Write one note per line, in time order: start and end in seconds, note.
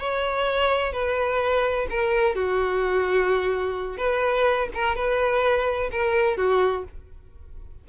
0.00 0.93 C#5
0.93 1.87 B4
1.90 2.36 A#4
2.36 3.98 F#4
3.98 4.69 B4
4.75 4.96 A#4
4.96 5.90 B4
5.92 6.38 A#4
6.38 6.85 F#4